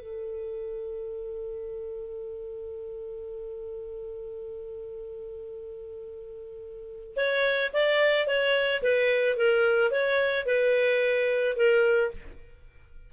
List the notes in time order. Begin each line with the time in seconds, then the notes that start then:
0.00 A4
7.17 C#5
7.74 D5
8.27 C#5
8.83 B4
9.37 A#4
9.92 C#5
10.47 B4
11.57 A#4